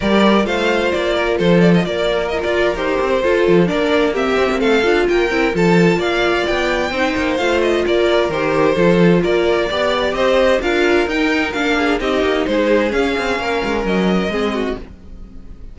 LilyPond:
<<
  \new Staff \with { instrumentName = "violin" } { \time 4/4 \tempo 4 = 130 d''4 f''4 d''4 c''8 d''16 dis''16 | d''4 dis''16 d''8. c''2 | d''4 e''4 f''4 g''4 | a''4 f''4 g''2 |
f''8 dis''8 d''4 c''2 | d''2 dis''4 f''4 | g''4 f''4 dis''4 c''4 | f''2 dis''2 | }
  \new Staff \with { instrumentName = "violin" } { \time 4/4 ais'4 c''4. ais'8 a'4 | ais'2. a'4 | ais'4 g'4 a'4 ais'4 | a'4 d''2 c''4~ |
c''4 ais'2 a'4 | ais'4 d''4 c''4 ais'4~ | ais'4. gis'8 g'4 gis'4~ | gis'4 ais'2 gis'8 fis'8 | }
  \new Staff \with { instrumentName = "viola" } { \time 4/4 g'4 f'2.~ | f'4 e'16 f'8. g'4 f'4 | d'4 c'4. f'4 e'8 | f'2. dis'4 |
f'2 g'4 f'4~ | f'4 g'2 f'4 | dis'4 d'4 dis'2 | cis'2. c'4 | }
  \new Staff \with { instrumentName = "cello" } { \time 4/4 g4 a4 ais4 f4 | ais4~ ais16 f'8. dis'8 c'8 f'8 f8 | ais4. c'16 ais16 a8 d'8 ais8 c'8 | f4 ais4 b4 c'8 ais8 |
a4 ais4 dis4 f4 | ais4 b4 c'4 d'4 | dis'4 ais4 c'8 ais8 gis4 | cis'8 c'8 ais8 gis8 fis4 gis4 | }
>>